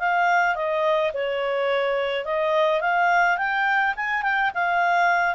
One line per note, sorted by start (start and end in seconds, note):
0.00 0.56 F5
0.56 1.12 D#5
1.14 2.25 C#5
2.25 2.81 D#5
2.81 3.38 F5
3.38 3.95 G5
3.96 4.23 G#5
4.23 4.51 G5
4.55 5.36 F5